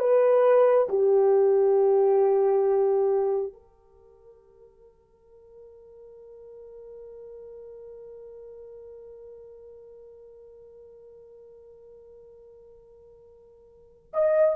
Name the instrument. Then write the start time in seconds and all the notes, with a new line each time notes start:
horn
0.00 B4
0.89 G4
3.54 A#4
14.14 D#5